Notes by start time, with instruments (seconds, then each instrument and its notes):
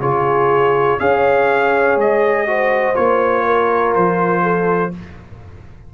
0.00 tuba C#3, trombone F4, horn G#4, trumpet C#5
0.99 tuba C#4, trombone G#4, horn C#5, trumpet F5
1.96 tuba G#3, trumpet D#5
2.47 trombone F#4, horn C5
2.95 tuba A#3, trombone F4, trumpet C#5
3.46 horn A#4
3.95 tuba F3, trumpet C5
4.43 horn A4